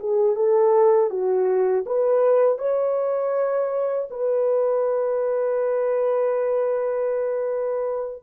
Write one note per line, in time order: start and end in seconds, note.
0.00 0.36 G#4
0.36 1.10 A4
1.10 1.85 F#4
1.86 2.59 B4
2.59 4.09 C#5
4.11 8.23 B4